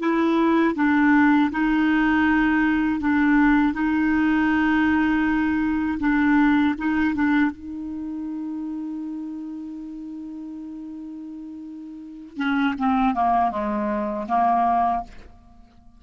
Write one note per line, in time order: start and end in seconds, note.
0.00 0.75 E4
0.76 1.51 D4
1.52 3.01 D#4
3.01 3.74 D4
3.74 5.99 D#4
6.00 6.75 D4
6.78 7.15 D#4
7.15 7.51 D4
7.51 12.37 D#4
12.37 12.75 C#4
12.78 13.15 C4
13.15 13.51 A#3
13.51 14.26 G#3
14.28 15.03 A#3